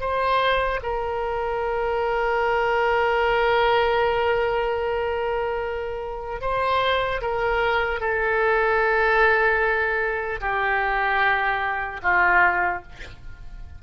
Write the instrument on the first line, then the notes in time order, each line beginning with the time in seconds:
oboe
0.00 C5
0.83 A#4
6.41 C5
7.21 A#4
8.00 A4
10.41 G4
12.03 F4